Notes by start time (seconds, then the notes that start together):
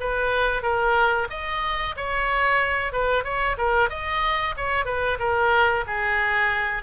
0.00 B4
0.62 A#4
1.30 D#5
1.96 C#5
2.93 B4
3.24 C#5
3.58 A#4
3.90 D#5
4.57 C#5
4.86 B4
5.19 A#4
5.87 G#4